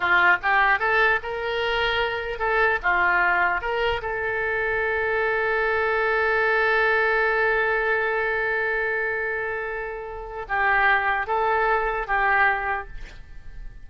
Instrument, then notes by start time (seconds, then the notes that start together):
oboe
0.00 F4
0.42 G4
0.79 A4
1.22 A#4
2.39 A4
2.82 F4
3.61 A#4
4.01 A4
10.48 G4
11.27 A4
12.07 G4